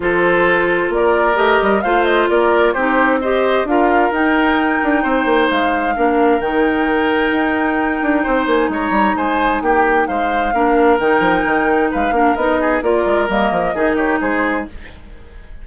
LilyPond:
<<
  \new Staff \with { instrumentName = "flute" } { \time 4/4 \tempo 4 = 131 c''2 d''4 dis''4 | f''8 dis''8 d''4 c''4 dis''4 | f''4 g''2. | f''2 g''2~ |
g''2~ g''8 gis''8 ais''4 | gis''4 g''4 f''2 | g''2 f''4 dis''4 | d''4 dis''4. cis''8 c''4 | }
  \new Staff \with { instrumentName = "oboe" } { \time 4/4 a'2 ais'2 | c''4 ais'4 g'4 c''4 | ais'2. c''4~ | c''4 ais'2.~ |
ais'2 c''4 cis''4 | c''4 g'4 c''4 ais'4~ | ais'2 b'8 ais'4 gis'8 | ais'2 gis'8 g'8 gis'4 | }
  \new Staff \with { instrumentName = "clarinet" } { \time 4/4 f'2. g'4 | f'2 dis'4 g'4 | f'4 dis'2.~ | dis'4 d'4 dis'2~ |
dis'1~ | dis'2. d'4 | dis'2~ dis'8 d'8 dis'4 | f'4 ais4 dis'2 | }
  \new Staff \with { instrumentName = "bassoon" } { \time 4/4 f2 ais4 a8 g8 | a4 ais4 c'2 | d'4 dis'4. d'8 c'8 ais8 | gis4 ais4 dis2 |
dis'4. d'8 c'8 ais8 gis8 g8 | gis4 ais4 gis4 ais4 | dis8 f8 dis4 gis8 ais8 b4 | ais8 gis8 g8 f8 dis4 gis4 | }
>>